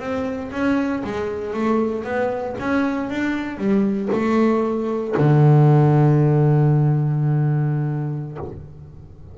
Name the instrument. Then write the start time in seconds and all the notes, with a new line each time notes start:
double bass
0.00 C4
0.52 C#4
1.04 G#3
1.54 A3
2.04 B3
2.60 C#4
3.10 D4
3.58 G3
4.13 A3
5.18 D3